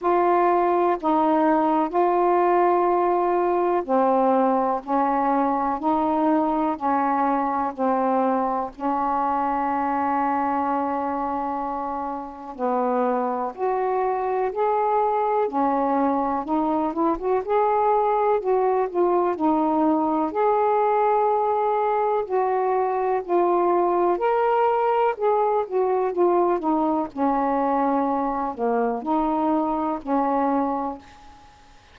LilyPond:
\new Staff \with { instrumentName = "saxophone" } { \time 4/4 \tempo 4 = 62 f'4 dis'4 f'2 | c'4 cis'4 dis'4 cis'4 | c'4 cis'2.~ | cis'4 b4 fis'4 gis'4 |
cis'4 dis'8 e'16 fis'16 gis'4 fis'8 f'8 | dis'4 gis'2 fis'4 | f'4 ais'4 gis'8 fis'8 f'8 dis'8 | cis'4. ais8 dis'4 cis'4 | }